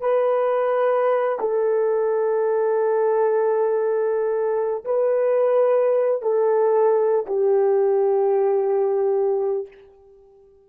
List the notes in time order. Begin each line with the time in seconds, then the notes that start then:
0.00 B4
1.39 A4
4.85 B4
6.22 A4
7.26 G4